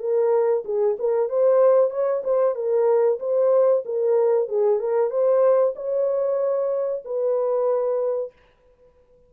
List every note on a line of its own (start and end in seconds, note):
0.00 0.64 A#4
0.65 0.97 G#4
0.99 1.30 A#4
1.30 1.91 C5
1.91 2.23 C#5
2.25 2.55 C5
2.55 3.19 A#4
3.20 3.84 C5
3.86 4.49 A#4
4.49 4.80 G#4
4.80 5.11 A#4
5.11 5.74 C5
5.76 7.04 C#5
7.05 8.33 B4